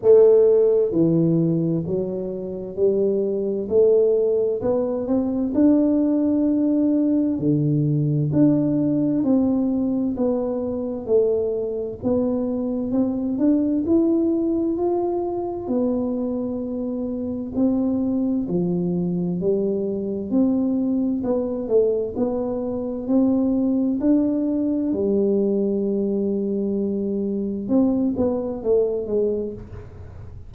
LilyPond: \new Staff \with { instrumentName = "tuba" } { \time 4/4 \tempo 4 = 65 a4 e4 fis4 g4 | a4 b8 c'8 d'2 | d4 d'4 c'4 b4 | a4 b4 c'8 d'8 e'4 |
f'4 b2 c'4 | f4 g4 c'4 b8 a8 | b4 c'4 d'4 g4~ | g2 c'8 b8 a8 gis8 | }